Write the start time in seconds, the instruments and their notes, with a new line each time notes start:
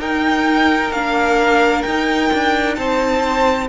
0.00 cello D#4, viola D#4, violin A#4 G5
0.91 cello A#3, viola D4, violin F5
1.82 cello D#4, viola D#4, violin G5
2.33 cello D4
2.75 cello C4, violin C5 A5